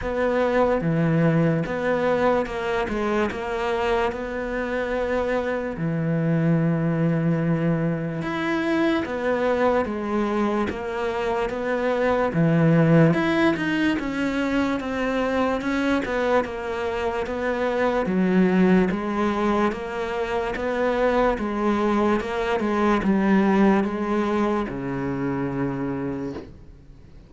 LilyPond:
\new Staff \with { instrumentName = "cello" } { \time 4/4 \tempo 4 = 73 b4 e4 b4 ais8 gis8 | ais4 b2 e4~ | e2 e'4 b4 | gis4 ais4 b4 e4 |
e'8 dis'8 cis'4 c'4 cis'8 b8 | ais4 b4 fis4 gis4 | ais4 b4 gis4 ais8 gis8 | g4 gis4 cis2 | }